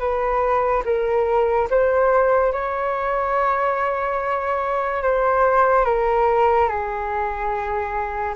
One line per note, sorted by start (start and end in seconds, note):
0.00 0.83 B4
0.86 1.69 A#4
1.71 2.53 C5
2.53 5.03 C#5
5.03 5.86 C5
5.86 6.69 A#4
6.69 8.35 G#4